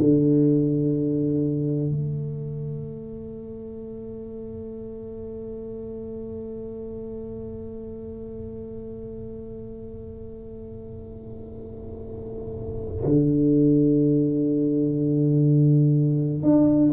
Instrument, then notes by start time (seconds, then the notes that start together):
tuba
0.00 D3
1.91 A3
13.06 D3
16.43 D4